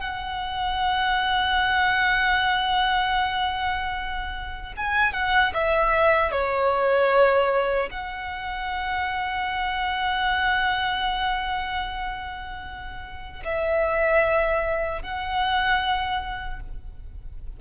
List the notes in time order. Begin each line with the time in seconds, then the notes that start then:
0.00 F#5
4.77 G#5
5.13 F#5
5.54 E5
6.31 C#5
7.91 F#5
13.44 E5
15.02 F#5